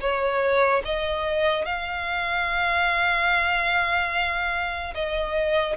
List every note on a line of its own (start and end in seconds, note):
0.00 0.82 C#5
0.84 1.65 D#5
1.65 4.94 F5
4.94 5.76 D#5